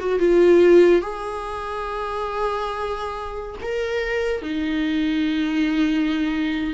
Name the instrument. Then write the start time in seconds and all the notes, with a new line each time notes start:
viola
0.00 F#4
0.20 F4
1.02 G#4
3.62 A#4
4.42 D#4